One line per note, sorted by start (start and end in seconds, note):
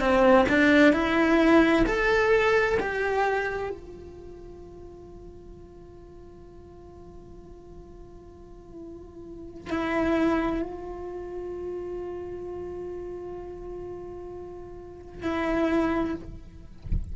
0.00 0.46 C4
0.50 0.94 D4
0.94 1.86 E4
1.86 2.79 A4
2.80 3.70 G4
3.70 9.70 F4
9.70 10.62 E4
10.62 15.23 F4
15.23 16.15 E4